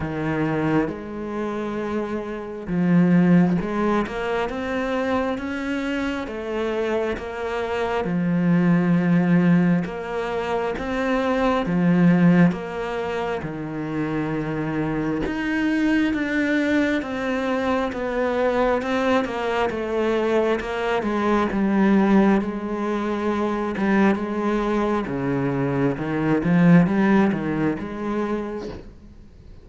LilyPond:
\new Staff \with { instrumentName = "cello" } { \time 4/4 \tempo 4 = 67 dis4 gis2 f4 | gis8 ais8 c'4 cis'4 a4 | ais4 f2 ais4 | c'4 f4 ais4 dis4~ |
dis4 dis'4 d'4 c'4 | b4 c'8 ais8 a4 ais8 gis8 | g4 gis4. g8 gis4 | cis4 dis8 f8 g8 dis8 gis4 | }